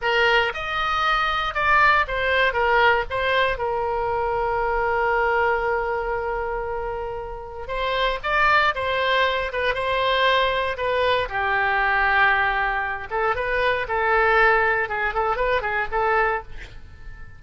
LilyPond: \new Staff \with { instrumentName = "oboe" } { \time 4/4 \tempo 4 = 117 ais'4 dis''2 d''4 | c''4 ais'4 c''4 ais'4~ | ais'1~ | ais'2. c''4 |
d''4 c''4. b'8 c''4~ | c''4 b'4 g'2~ | g'4. a'8 b'4 a'4~ | a'4 gis'8 a'8 b'8 gis'8 a'4 | }